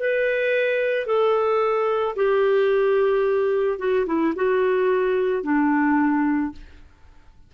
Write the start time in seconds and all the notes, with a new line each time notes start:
0.00 B4
1.07 A4
2.16 G4
3.79 F#4
4.07 E4
4.35 F#4
5.43 D4